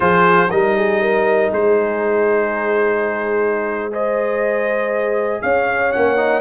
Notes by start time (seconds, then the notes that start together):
0.00 F3 F4 G#4 C5
0.50 G3 D#4 A#4 D#5
0.76 G#4
1.00 A#4
1.50 G#3 G#4 C5
3.90 G#4 C5 D#5
5.41 C#4 C#5 F5
5.92 A#3 C#4 F#5
6.17 D#4